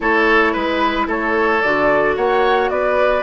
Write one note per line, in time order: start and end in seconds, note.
0.00 0.54 A3
0.00 1.61 E4
0.00 0.52 A4
0.00 0.54 C#5
0.52 1.06 G#3
0.52 1.06 B4
0.52 1.08 B4
1.06 1.60 A3
1.06 2.15 A4
1.06 1.61 C#5
1.61 2.16 D3
1.61 3.22 F#4
1.61 2.15 D5
2.16 2.70 A#3
2.16 2.70 C#5
2.16 2.69 F#5
2.69 3.22 B3
2.69 3.22 B4
2.69 3.22 D5